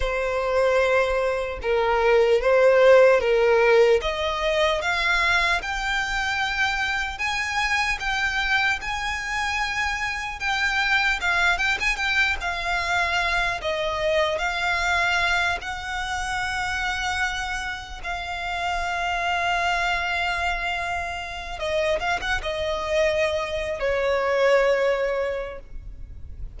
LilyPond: \new Staff \with { instrumentName = "violin" } { \time 4/4 \tempo 4 = 75 c''2 ais'4 c''4 | ais'4 dis''4 f''4 g''4~ | g''4 gis''4 g''4 gis''4~ | gis''4 g''4 f''8 g''16 gis''16 g''8 f''8~ |
f''4 dis''4 f''4. fis''8~ | fis''2~ fis''8 f''4.~ | f''2. dis''8 f''16 fis''16 | dis''4.~ dis''16 cis''2~ cis''16 | }